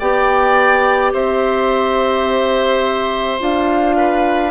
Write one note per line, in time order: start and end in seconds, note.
0.00 1.13 B3
0.00 3.39 G4
0.00 1.13 D5
0.00 1.14 G5
1.13 3.40 C4
1.13 3.97 C5
1.13 3.41 E5
3.39 4.51 D4
3.39 4.51 F4
3.39 4.51 F5
3.97 4.51 B4